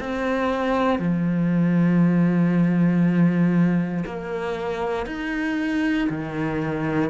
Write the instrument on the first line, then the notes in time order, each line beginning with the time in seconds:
cello
0.00 C4
0.99 F3
4.06 A#3
5.07 D#4
6.10 D#3